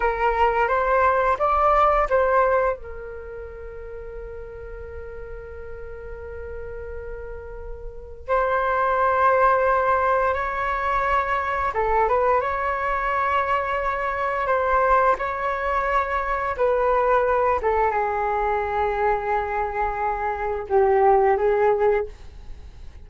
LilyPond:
\new Staff \with { instrumentName = "flute" } { \time 4/4 \tempo 4 = 87 ais'4 c''4 d''4 c''4 | ais'1~ | ais'1 | c''2. cis''4~ |
cis''4 a'8 b'8 cis''2~ | cis''4 c''4 cis''2 | b'4. a'8 gis'2~ | gis'2 g'4 gis'4 | }